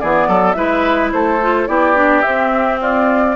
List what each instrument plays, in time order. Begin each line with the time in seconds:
0.00 bassoon E3, clarinet B3, oboe G#4, flute D5
0.28 bassoon F#3, oboe A4
0.52 bassoon G#3, clarinet E4, oboe B4, flute E5
1.12 bassoon A3, oboe A4, flute C5
1.42 clarinet F4
1.67 bassoon B3, clarinet E4, oboe G4, flute D5
1.95 clarinet D4
2.22 bassoon C4, clarinet C4, flute E5
2.80 oboe F4, flute D5